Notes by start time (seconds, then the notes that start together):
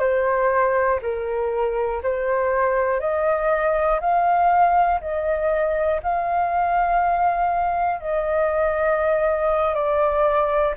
0.00 C5
1.02 A#4
2.03 C5
3.00 D#5
4.01 F5
5.01 D#5
6.03 F5
8.01 D#5
9.75 D5